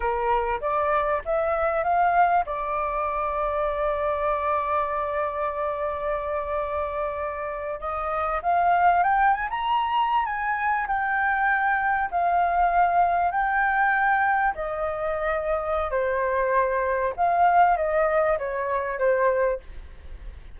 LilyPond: \new Staff \with { instrumentName = "flute" } { \time 4/4 \tempo 4 = 98 ais'4 d''4 e''4 f''4 | d''1~ | d''1~ | d''8. dis''4 f''4 g''8 gis''16 ais''8~ |
ais''8. gis''4 g''2 f''16~ | f''4.~ f''16 g''2 dis''16~ | dis''2 c''2 | f''4 dis''4 cis''4 c''4 | }